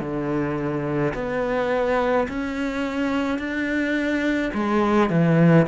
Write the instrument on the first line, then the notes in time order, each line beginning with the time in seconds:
cello
0.00 D3
1.14 B3
2.28 C#4
3.39 D4
4.54 G#3
5.10 E3